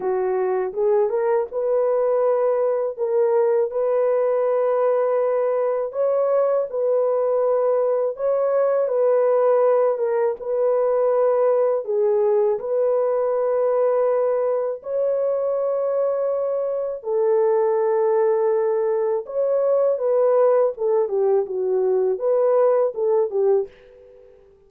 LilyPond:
\new Staff \with { instrumentName = "horn" } { \time 4/4 \tempo 4 = 81 fis'4 gis'8 ais'8 b'2 | ais'4 b'2. | cis''4 b'2 cis''4 | b'4. ais'8 b'2 |
gis'4 b'2. | cis''2. a'4~ | a'2 cis''4 b'4 | a'8 g'8 fis'4 b'4 a'8 g'8 | }